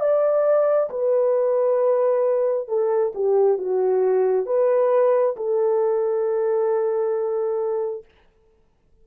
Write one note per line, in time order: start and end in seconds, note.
0.00 0.90 D5
0.90 2.68 B4
2.68 3.13 A4
3.15 3.58 G4
3.58 4.46 F#4
4.46 5.35 B4
5.36 8.05 A4